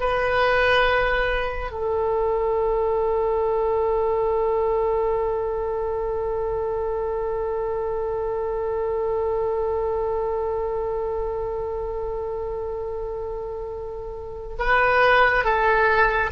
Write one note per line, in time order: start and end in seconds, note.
0.00 1.71 B4
1.71 14.57 A4
14.59 15.44 B4
15.44 16.30 A4